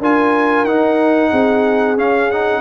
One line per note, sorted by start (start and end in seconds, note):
0.00 0.64 D4
0.00 0.67 F4
0.00 1.31 A#4
0.00 0.65 G#5
0.64 1.30 D#4
0.64 1.98 D#4
0.64 1.97 F#5
1.31 1.98 C4
1.31 2.61 G#4
1.98 2.30 C#4
1.98 2.61 C#4
1.98 2.31 F5
2.31 2.61 D#4
2.31 2.61 F#5